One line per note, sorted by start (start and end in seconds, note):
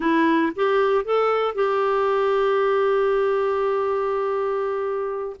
0.00 0.52 E4
0.55 1.05 G4
1.05 1.55 A4
1.55 5.36 G4